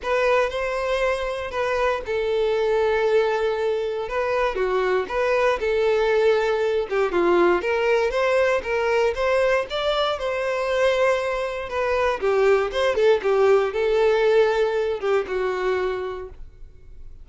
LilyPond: \new Staff \with { instrumentName = "violin" } { \time 4/4 \tempo 4 = 118 b'4 c''2 b'4 | a'1 | b'4 fis'4 b'4 a'4~ | a'4. g'8 f'4 ais'4 |
c''4 ais'4 c''4 d''4 | c''2. b'4 | g'4 c''8 a'8 g'4 a'4~ | a'4. g'8 fis'2 | }